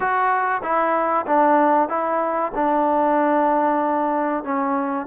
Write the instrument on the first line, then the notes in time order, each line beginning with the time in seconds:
trombone
0.00 F#4
0.62 E4
1.26 D4
1.89 E4
2.54 D4
4.44 C#4